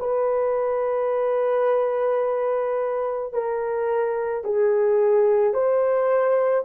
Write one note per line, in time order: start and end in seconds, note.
0.00 3.33 B4
3.33 4.44 A#4
4.44 5.54 G#4
5.54 6.65 C5